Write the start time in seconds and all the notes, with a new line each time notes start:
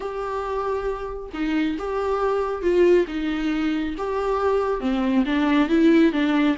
0.00 G4
1.33 D#4
1.78 G4
2.61 F4
3.07 D#4
3.97 G4
4.80 C4
5.25 D4
5.68 E4
6.12 D4